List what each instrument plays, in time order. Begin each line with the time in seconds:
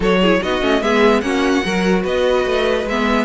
0.00 cello F#3, viola F#4, violin A4 C#5
0.20 viola E4, violin G#4
0.42 cello B3, viola D#4, violin F#4 D#5
0.61 cello A3, viola C#4
0.81 cello G#3, viola B3, violin G#4 E5
1.21 cello A#3, viola C#4, violin F#4 F#5
1.64 cello F#3, viola F#4, violin A#4
2.02 cello B3, violin B4 D#5
2.45 cello A3
2.85 cello G#3, viola B3, violin E5